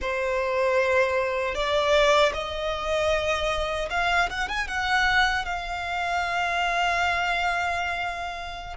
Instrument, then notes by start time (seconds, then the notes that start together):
violin
0.01 C5
1.54 D5
2.33 D#5
3.90 F5
4.29 F#5
4.48 G#5
4.67 F#5
5.45 F5